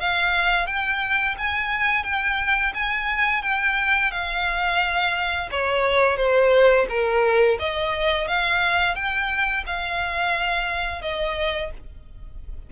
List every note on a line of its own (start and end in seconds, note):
0.00 0.66 F5
0.66 1.35 G5
1.38 2.04 G#5
2.04 2.73 G5
2.74 3.43 G#5
3.43 4.12 G5
4.12 5.50 F5
5.51 6.17 C#5
6.17 6.86 C5
6.89 7.58 A#4
7.60 8.28 D#5
8.28 8.95 F5
8.95 9.64 G5
9.66 11.02 F5
11.02 11.71 D#5